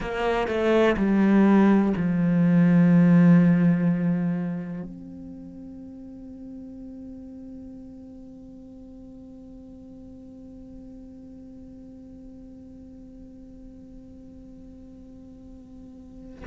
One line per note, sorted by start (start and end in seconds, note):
0.00 0.47 A#3
0.47 0.95 A3
0.97 1.94 G3
1.97 4.83 F3
4.83 16.44 C4